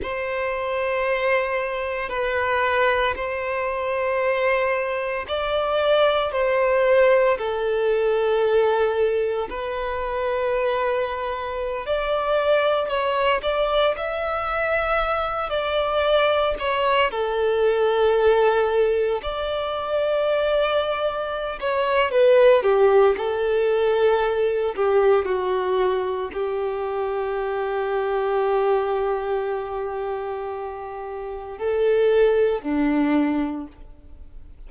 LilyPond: \new Staff \with { instrumentName = "violin" } { \time 4/4 \tempo 4 = 57 c''2 b'4 c''4~ | c''4 d''4 c''4 a'4~ | a'4 b'2~ b'16 d''8.~ | d''16 cis''8 d''8 e''4. d''4 cis''16~ |
cis''16 a'2 d''4.~ d''16~ | d''8 cis''8 b'8 g'8 a'4. g'8 | fis'4 g'2.~ | g'2 a'4 d'4 | }